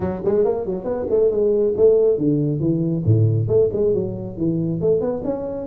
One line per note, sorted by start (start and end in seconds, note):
0.00 0.21 F#3
0.24 0.45 G#3
0.45 0.65 A#3
0.65 0.84 F#3
0.84 1.06 B3
1.10 1.30 A3
1.30 1.74 G#3
1.76 2.17 A3
2.17 2.60 D3
2.60 3.03 E3
3.05 3.48 A2
3.48 3.69 A3
3.73 3.93 G#3
3.93 4.37 F#3
4.37 4.80 E3
4.80 5.00 A3
5.00 5.22 B3
5.24 5.66 C#4